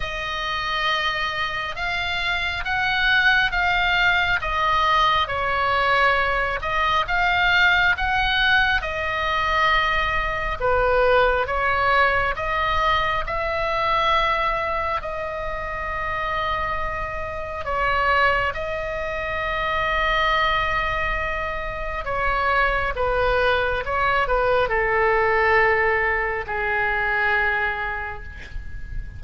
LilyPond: \new Staff \with { instrumentName = "oboe" } { \time 4/4 \tempo 4 = 68 dis''2 f''4 fis''4 | f''4 dis''4 cis''4. dis''8 | f''4 fis''4 dis''2 | b'4 cis''4 dis''4 e''4~ |
e''4 dis''2. | cis''4 dis''2.~ | dis''4 cis''4 b'4 cis''8 b'8 | a'2 gis'2 | }